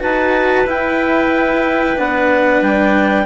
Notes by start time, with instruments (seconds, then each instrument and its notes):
0.00 bassoon D#4, cello F#4, clarinet B4 A5
0.66 bassoon E4, cello E4, clarinet G5
1.96 bassoon B3, cello D4, clarinet F#5
2.62 bassoon G3, clarinet G5